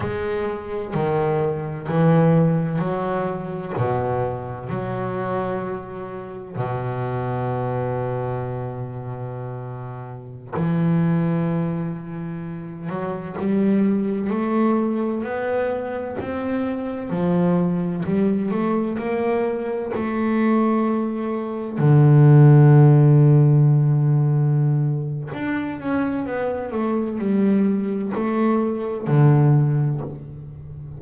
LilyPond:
\new Staff \with { instrumentName = "double bass" } { \time 4/4 \tempo 4 = 64 gis4 dis4 e4 fis4 | b,4 fis2 b,4~ | b,2.~ b,16 e8.~ | e4.~ e16 fis8 g4 a8.~ |
a16 b4 c'4 f4 g8 a16~ | a16 ais4 a2 d8.~ | d2. d'8 cis'8 | b8 a8 g4 a4 d4 | }